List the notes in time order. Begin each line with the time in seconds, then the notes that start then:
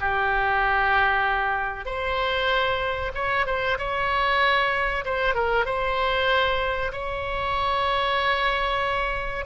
0.00 G4
1.85 C5
3.15 C#5
3.46 C5
3.78 C#5
5.05 C5
5.34 A#4
5.65 C5
6.92 C#5